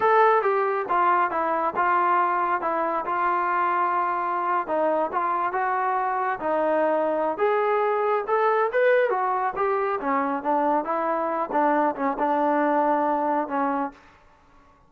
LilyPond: \new Staff \with { instrumentName = "trombone" } { \time 4/4 \tempo 4 = 138 a'4 g'4 f'4 e'4 | f'2 e'4 f'4~ | f'2~ f'8. dis'4 f'16~ | f'8. fis'2 dis'4~ dis'16~ |
dis'4 gis'2 a'4 | b'4 fis'4 g'4 cis'4 | d'4 e'4. d'4 cis'8 | d'2. cis'4 | }